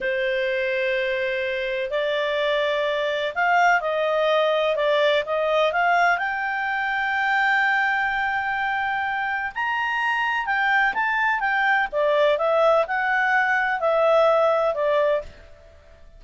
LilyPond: \new Staff \with { instrumentName = "clarinet" } { \time 4/4 \tempo 4 = 126 c''1 | d''2. f''4 | dis''2 d''4 dis''4 | f''4 g''2.~ |
g''1 | ais''2 g''4 a''4 | g''4 d''4 e''4 fis''4~ | fis''4 e''2 d''4 | }